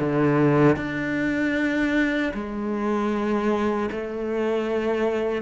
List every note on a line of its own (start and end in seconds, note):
0.00 0.77 D3
0.77 2.33 D4
2.34 3.90 G#3
3.92 5.42 A3